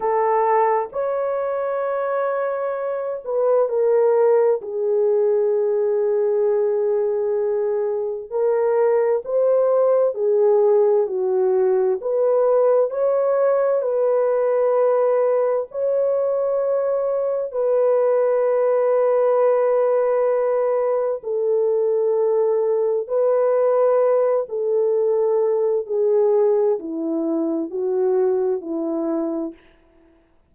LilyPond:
\new Staff \with { instrumentName = "horn" } { \time 4/4 \tempo 4 = 65 a'4 cis''2~ cis''8 b'8 | ais'4 gis'2.~ | gis'4 ais'4 c''4 gis'4 | fis'4 b'4 cis''4 b'4~ |
b'4 cis''2 b'4~ | b'2. a'4~ | a'4 b'4. a'4. | gis'4 e'4 fis'4 e'4 | }